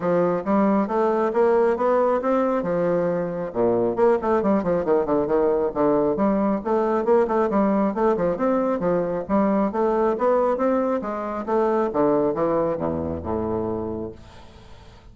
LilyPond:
\new Staff \with { instrumentName = "bassoon" } { \time 4/4 \tempo 4 = 136 f4 g4 a4 ais4 | b4 c'4 f2 | ais,4 ais8 a8 g8 f8 dis8 d8 | dis4 d4 g4 a4 |
ais8 a8 g4 a8 f8 c'4 | f4 g4 a4 b4 | c'4 gis4 a4 d4 | e4 e,4 a,2 | }